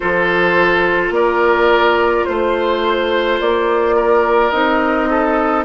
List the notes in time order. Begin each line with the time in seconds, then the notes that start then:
0.00 F3 F4 A4 C5
1.09 A#3 A#4 D5
2.24 A3 C5
3.40 A#3 D5
3.96 A#4
4.50 C4 D#4 D#5
5.10 A4